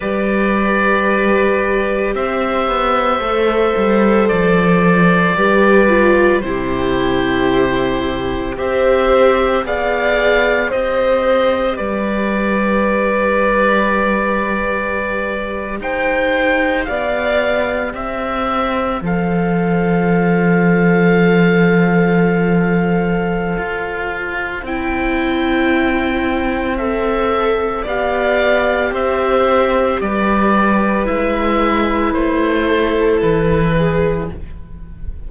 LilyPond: <<
  \new Staff \with { instrumentName = "oboe" } { \time 4/4 \tempo 4 = 56 d''2 e''2 | d''2 c''2 | e''4 f''4 dis''4 d''4~ | d''2~ d''8. g''4 f''16~ |
f''8. e''4 f''2~ f''16~ | f''2. g''4~ | g''4 e''4 f''4 e''4 | d''4 e''4 c''4 b'4 | }
  \new Staff \with { instrumentName = "violin" } { \time 4/4 b'2 c''2~ | c''4 b'4 g'2 | c''4 d''4 c''4 b'4~ | b'2~ b'8. c''4 d''16~ |
d''8. c''2.~ c''16~ | c''1~ | c''2 d''4 c''4 | b'2~ b'8 a'4 gis'8 | }
  \new Staff \with { instrumentName = "viola" } { \time 4/4 g'2. a'4~ | a'4 g'8 f'8 e'2 | g'4 gis'4 g'2~ | g'1~ |
g'4.~ g'16 a'2~ a'16~ | a'2. e'4~ | e'4 a'4 g'2~ | g'4 e'2. | }
  \new Staff \with { instrumentName = "cello" } { \time 4/4 g2 c'8 b8 a8 g8 | f4 g4 c2 | c'4 b4 c'4 g4~ | g2~ g8. dis'4 b16~ |
b8. c'4 f2~ f16~ | f2 f'4 c'4~ | c'2 b4 c'4 | g4 gis4 a4 e4 | }
>>